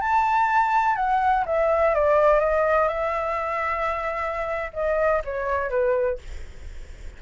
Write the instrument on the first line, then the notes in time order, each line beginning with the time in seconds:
flute
0.00 A5
0.96 F#5
1.46 E5
1.94 D5
2.39 D#5
2.88 E5
4.73 D#5
5.24 C#5
5.69 B4